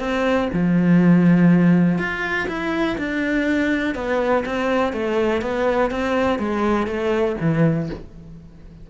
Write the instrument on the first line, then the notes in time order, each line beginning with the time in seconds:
cello
0.00 C4
0.54 F3
1.99 F4
2.48 E4
2.98 D4
3.95 B3
4.46 C4
4.93 A3
5.42 B3
5.91 C4
6.39 G#3
6.87 A3
7.41 E3